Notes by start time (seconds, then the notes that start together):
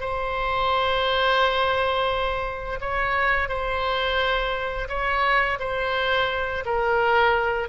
0.00 C5
2.80 C#5
3.48 C5
4.88 C#5
5.59 C5
6.65 A#4